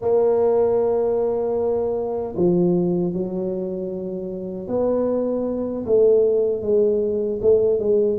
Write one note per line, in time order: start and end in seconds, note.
0.01 2.34 A#3
2.36 3.13 F3
3.13 4.68 F#3
4.68 5.84 B3
5.85 6.62 A3
6.62 7.40 G#3
7.41 7.79 A3
7.79 8.18 G#3